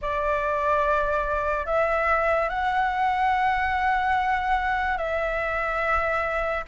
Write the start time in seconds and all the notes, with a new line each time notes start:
0.01 D5
1.66 E5
2.49 F#5
4.97 E5